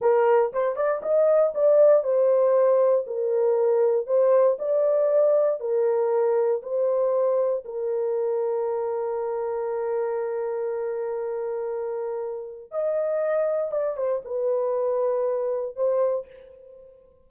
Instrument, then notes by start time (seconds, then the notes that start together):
horn
0.01 A#4
0.52 C5
0.75 D5
1.02 D#5
1.54 D5
2.03 C5
3.06 A#4
4.06 C5
4.58 D5
5.59 A#4
6.62 C5
7.65 A#4
12.71 D#5
13.71 D5
13.96 C5
14.24 B4
15.76 C5